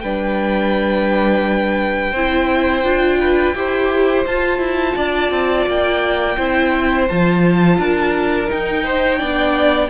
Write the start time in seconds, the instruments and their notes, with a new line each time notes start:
0.00 cello G3, viola D4, violin B4 G5
2.11 cello C4, viola E4, violin C5
2.84 cello D4, viola F4
3.20 violin B4
3.54 cello E4, viola G4, violin C5
4.26 cello F4, viola F4, violin A5
4.59 cello E4
4.96 cello D4, violin D5
5.31 cello C4
5.66 cello A#3, violin G5
6.36 cello C4, viola E4, violin C5
7.08 cello F3, viola F4, violin A5
7.78 cello D4, violin A#4
8.47 viola D#4, cello D#4, violin G5
8.84 violin C5
9.18 cello B3, viola D4, violin D5